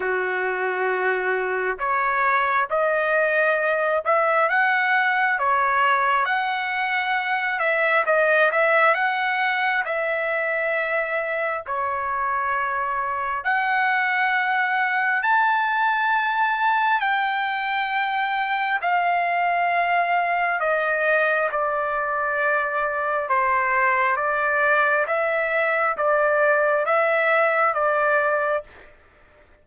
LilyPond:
\new Staff \with { instrumentName = "trumpet" } { \time 4/4 \tempo 4 = 67 fis'2 cis''4 dis''4~ | dis''8 e''8 fis''4 cis''4 fis''4~ | fis''8 e''8 dis''8 e''8 fis''4 e''4~ | e''4 cis''2 fis''4~ |
fis''4 a''2 g''4~ | g''4 f''2 dis''4 | d''2 c''4 d''4 | e''4 d''4 e''4 d''4 | }